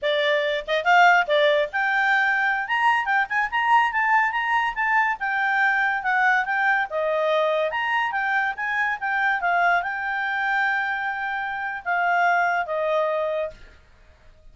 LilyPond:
\new Staff \with { instrumentName = "clarinet" } { \time 4/4 \tempo 4 = 142 d''4. dis''8 f''4 d''4 | g''2~ g''16 ais''4 g''8 gis''16~ | gis''16 ais''4 a''4 ais''4 a''8.~ | a''16 g''2 fis''4 g''8.~ |
g''16 dis''2 ais''4 g''8.~ | g''16 gis''4 g''4 f''4 g''8.~ | g''1 | f''2 dis''2 | }